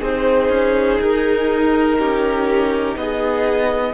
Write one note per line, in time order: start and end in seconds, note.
0.00 0.49 C4
0.00 3.93 D#4
0.00 1.97 G#4
0.00 1.01 C5
0.49 0.98 C#4
1.00 1.99 D#4
1.00 2.97 A#4
1.99 2.95 C#4
1.99 2.97 G4
2.95 3.93 B3
2.95 3.93 G#4
2.95 3.93 D#5